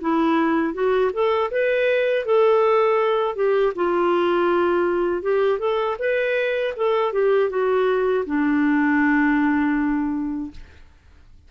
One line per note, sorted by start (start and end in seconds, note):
0.00 0.73 E4
0.73 1.11 F#4
1.13 1.50 A4
1.51 2.25 B4
2.25 3.35 A4
3.35 3.73 G4
3.75 5.22 F4
5.22 5.59 G4
5.59 5.96 A4
5.99 6.74 B4
6.76 7.12 A4
7.12 7.49 G4
7.49 8.24 F#4
8.26 10.51 D4